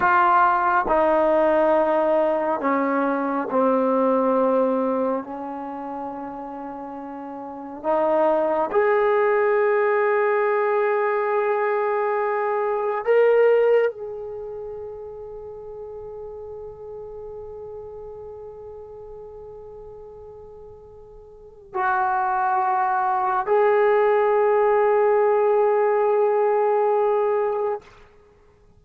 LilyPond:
\new Staff \with { instrumentName = "trombone" } { \time 4/4 \tempo 4 = 69 f'4 dis'2 cis'4 | c'2 cis'2~ | cis'4 dis'4 gis'2~ | gis'2. ais'4 |
gis'1~ | gis'1~ | gis'4 fis'2 gis'4~ | gis'1 | }